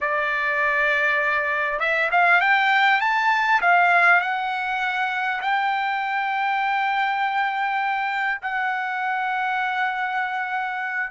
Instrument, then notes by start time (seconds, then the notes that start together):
trumpet
0.00 D5
1.79 E5
2.11 F5
2.41 G5
3.01 A5
3.61 F5
4.20 F#5
5.41 G5
8.42 F#5